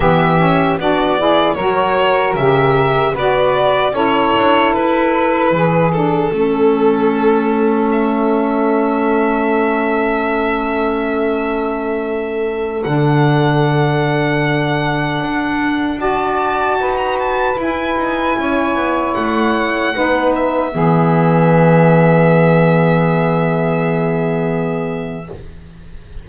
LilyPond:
<<
  \new Staff \with { instrumentName = "violin" } { \time 4/4 \tempo 4 = 76 e''4 d''4 cis''4 e''4 | d''4 cis''4 b'4. a'8~ | a'2 e''2~ | e''1~ |
e''16 fis''2.~ fis''8.~ | fis''16 a''4~ a''16 ais''16 a''8 gis''4.~ gis''16~ | gis''16 fis''4. e''2~ e''16~ | e''1 | }
  \new Staff \with { instrumentName = "saxophone" } { \time 4/4 g'4 fis'8 gis'8 ais'2 | b'4 a'2 gis'4 | a'1~ | a'1~ |
a'1~ | a'16 d''4 b'2 cis''8.~ | cis''4~ cis''16 b'4 gis'4.~ gis'16~ | gis'1 | }
  \new Staff \with { instrumentName = "saxophone" } { \time 4/4 b8 cis'8 d'8 e'8 fis'4 g'4 | fis'4 e'2~ e'8 d'8 | cis'1~ | cis'1~ |
cis'16 d'2.~ d'8.~ | d'16 fis'2 e'4.~ e'16~ | e'4~ e'16 dis'4 b4.~ b16~ | b1 | }
  \new Staff \with { instrumentName = "double bass" } { \time 4/4 e4 b4 fis4 cis4 | b4 cis'8 d'8 e'4 e4 | a1~ | a1~ |
a16 d2. d'8.~ | d'4~ d'16 dis'4 e'8 dis'8 cis'8 b16~ | b16 a4 b4 e4.~ e16~ | e1 | }
>>